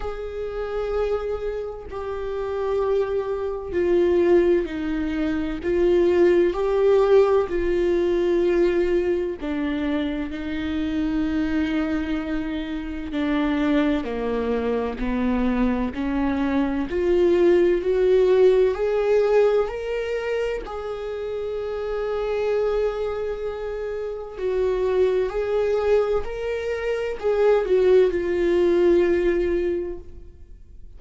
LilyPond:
\new Staff \with { instrumentName = "viola" } { \time 4/4 \tempo 4 = 64 gis'2 g'2 | f'4 dis'4 f'4 g'4 | f'2 d'4 dis'4~ | dis'2 d'4 ais4 |
b4 cis'4 f'4 fis'4 | gis'4 ais'4 gis'2~ | gis'2 fis'4 gis'4 | ais'4 gis'8 fis'8 f'2 | }